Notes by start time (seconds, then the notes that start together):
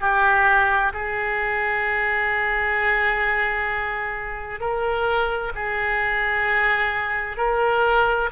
0.00 G4
0.93 G#4
4.60 A#4
5.55 G#4
7.37 A#4